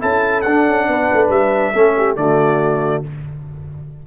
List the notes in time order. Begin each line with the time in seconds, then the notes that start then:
0.00 C#4 E4 A4 A5
0.41 D4 F#5
0.68 C#4
0.88 B3 B4
1.14 A3
1.29 G3 E5
1.75 A3 C#4 A4
1.98 G4
2.17 D3 A3 F#4 D5